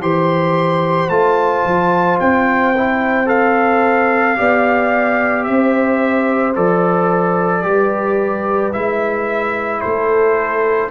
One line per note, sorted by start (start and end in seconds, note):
0.00 1.09 E3
0.00 1.11 G4
0.00 4.37 C5
0.00 1.09 C6
1.09 1.64 A3
1.09 2.74 F4
1.09 2.18 A5
1.65 2.19 F3
2.20 4.39 C4
2.20 3.28 G5
2.76 3.26 E4
3.26 4.35 A4
3.26 5.44 F5
4.36 5.48 B3
4.36 6.54 G4
4.36 5.47 D5
5.44 6.57 C4
5.44 7.65 C5
5.44 6.53 E5
6.55 7.65 F3
6.55 7.63 A4
6.55 8.73 D5
7.63 8.74 G3
7.63 8.72 G4
7.63 9.82 B4
8.72 9.83 G#3
8.72 10.91 E4
8.72 9.81 E5
9.81 10.91 A3
9.81 10.91 A4
9.81 10.90 C5